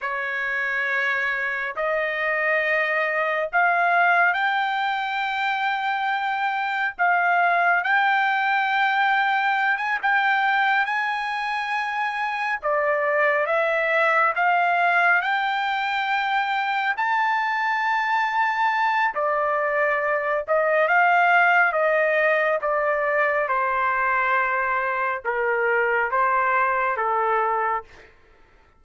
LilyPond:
\new Staff \with { instrumentName = "trumpet" } { \time 4/4 \tempo 4 = 69 cis''2 dis''2 | f''4 g''2. | f''4 g''2~ g''16 gis''16 g''8~ | g''8 gis''2 d''4 e''8~ |
e''8 f''4 g''2 a''8~ | a''2 d''4. dis''8 | f''4 dis''4 d''4 c''4~ | c''4 ais'4 c''4 a'4 | }